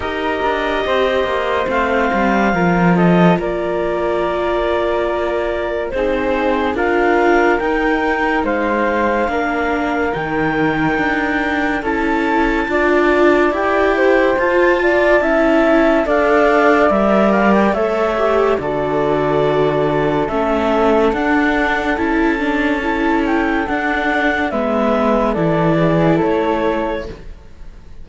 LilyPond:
<<
  \new Staff \with { instrumentName = "clarinet" } { \time 4/4 \tempo 4 = 71 dis''2 f''4. dis''8 | d''2. c''4 | f''4 g''4 f''2 | g''2 a''2 |
g''4 a''2 f''4 | e''8 f''16 g''16 e''4 d''2 | e''4 fis''4 a''4. g''8 | fis''4 e''4 d''4 cis''4 | }
  \new Staff \with { instrumentName = "flute" } { \time 4/4 ais'4 c''2 ais'8 a'8 | ais'2. gis'4 | ais'2 c''4 ais'4~ | ais'2 a'4 d''4~ |
d''8 c''4 d''8 e''4 d''4~ | d''4 cis''4 a'2~ | a'1~ | a'4 b'4 a'8 gis'8 a'4 | }
  \new Staff \with { instrumentName = "viola" } { \time 4/4 g'2 c'4 f'4~ | f'2. dis'4 | f'4 dis'2 d'4 | dis'2 e'4 f'4 |
g'4 f'4 e'4 a'4 | ais'4 a'8 g'8 fis'2 | cis'4 d'4 e'8 d'8 e'4 | d'4 b4 e'2 | }
  \new Staff \with { instrumentName = "cello" } { \time 4/4 dis'8 d'8 c'8 ais8 a8 g8 f4 | ais2. c'4 | d'4 dis'4 gis4 ais4 | dis4 d'4 cis'4 d'4 |
e'4 f'4 cis'4 d'4 | g4 a4 d2 | a4 d'4 cis'2 | d'4 gis4 e4 a4 | }
>>